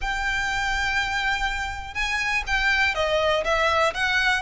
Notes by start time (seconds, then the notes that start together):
0.01 G5
1.94 G#5
2.46 G5
2.95 D#5
3.44 E5
3.94 F#5